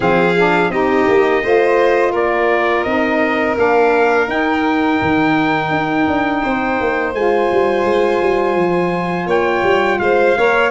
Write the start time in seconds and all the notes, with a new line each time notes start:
0.00 F3 C4 G#4 F5
0.37 D4
0.69 C4 D#4 G4 D#5
1.07 A#3
1.43 A3 F4 C5
2.11 A#3 A#4 D5
2.83 C4 D#4 D#5
3.55 A#3 D4 F5
4.27 D#4 G5
5.01 D#3
5.71 D#4
6.07 D4
6.42 C4 C5
6.80 A#3
7.13 G#3 F4 G#5
7.51 G3
7.84 G#3
8.21 G3
8.55 F3
9.26 A#3 C#5 G5
9.62 G3
9.99 G#3 C5 F5
10.36 A#3 A#4 C#5